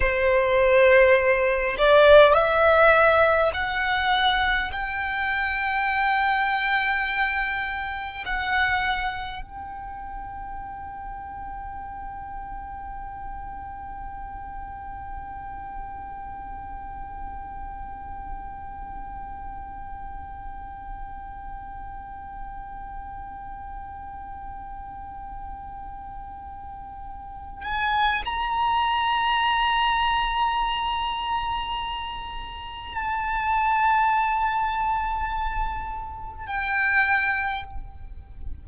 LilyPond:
\new Staff \with { instrumentName = "violin" } { \time 4/4 \tempo 4 = 51 c''4. d''8 e''4 fis''4 | g''2. fis''4 | g''1~ | g''1~ |
g''1~ | g''2.~ g''8 gis''8 | ais''1 | a''2. g''4 | }